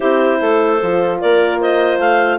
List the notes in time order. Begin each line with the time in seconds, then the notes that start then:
0.00 C4 E4 G4 C5
0.40 A3 A4
0.82 F3 F4
1.20 A#3 A#4 D5
1.60 C5 D#5
1.98 A3 F5